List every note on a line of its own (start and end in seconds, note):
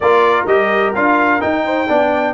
0.00 0.45 A#3
0.00 0.47 F4
0.00 1.64 A#4
0.00 0.46 D5
0.45 0.92 G3
0.45 0.94 G4
0.45 0.93 D#5
0.94 1.41 D4
0.94 1.39 F4
0.94 1.41 F5
1.39 1.86 D#4
1.39 1.88 D#4
1.39 2.34 G5
1.64 1.88 C5
1.88 2.34 B3
1.88 2.34 D4
1.88 2.34 D5